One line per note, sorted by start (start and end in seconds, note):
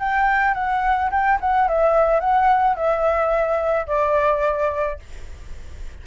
0.00 0.55 G5
0.55 1.11 F#5
1.11 1.39 G5
1.41 1.68 F#5
1.68 2.20 E5
2.20 2.76 F#5
2.76 3.87 E5
3.87 4.99 D5